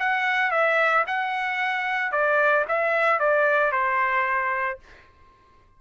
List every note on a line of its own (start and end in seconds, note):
0.00 0.52 F#5
0.52 1.05 E5
1.08 2.12 F#5
2.12 2.66 D5
2.69 3.20 E5
3.20 3.72 D5
3.72 4.79 C5